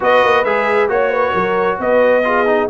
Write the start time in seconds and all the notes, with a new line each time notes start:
0.00 B3 F#4 B4 D#5
0.23 A#3
0.44 G#3 G#4 E5
0.88 A#3 F#4 C#5
1.09 B4
1.32 F#3 A#4
1.79 B3 B4 D#5
2.24 F4 G#4
2.46 D#4